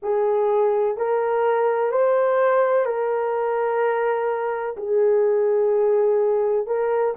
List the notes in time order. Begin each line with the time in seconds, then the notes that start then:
0.02 G#4
0.97 A#4
1.91 C5
2.85 A#4
4.76 G#4
6.66 A#4